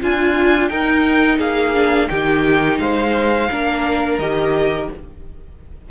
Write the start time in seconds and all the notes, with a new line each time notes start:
0.00 D4 F4 G#5
0.69 D#4 A#4 G5
1.39 A#3 G#4 F5
1.75 D4
2.09 D#3 D#4 G4 G5
2.79 G#3 C5 F5
3.51 A#3 D4 A#4
4.18 D#3 G4 D#5